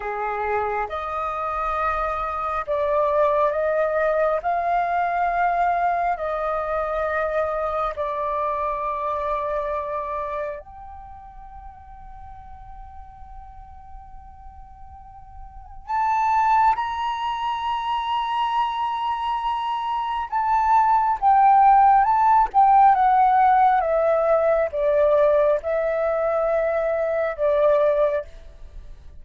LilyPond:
\new Staff \with { instrumentName = "flute" } { \time 4/4 \tempo 4 = 68 gis'4 dis''2 d''4 | dis''4 f''2 dis''4~ | dis''4 d''2. | g''1~ |
g''2 a''4 ais''4~ | ais''2. a''4 | g''4 a''8 g''8 fis''4 e''4 | d''4 e''2 d''4 | }